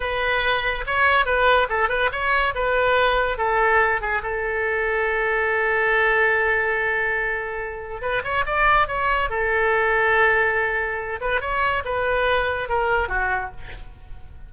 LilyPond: \new Staff \with { instrumentName = "oboe" } { \time 4/4 \tempo 4 = 142 b'2 cis''4 b'4 | a'8 b'8 cis''4 b'2 | a'4. gis'8 a'2~ | a'1~ |
a'2. b'8 cis''8 | d''4 cis''4 a'2~ | a'2~ a'8 b'8 cis''4 | b'2 ais'4 fis'4 | }